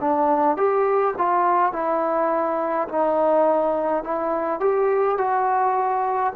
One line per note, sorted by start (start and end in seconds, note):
0.00 0.57 D4
0.57 1.14 G4
1.17 1.72 F4
1.72 2.87 E4
2.88 4.03 D#4
4.03 4.60 E4
4.60 5.18 G4
5.18 6.33 F#4